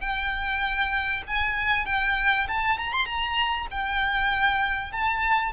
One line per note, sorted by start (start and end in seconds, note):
0.00 1.22 G5
1.27 1.85 G#5
1.85 2.47 G5
2.48 2.78 A5
2.78 2.92 A#5
2.92 3.05 C6
3.05 3.67 A#5
3.70 4.92 G5
4.92 5.52 A5